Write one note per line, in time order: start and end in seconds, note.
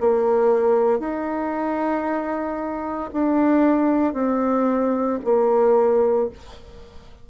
0.00 1.00 A#3
1.00 3.10 D#4
3.13 4.13 D4
4.13 5.19 C4
5.24 6.29 A#3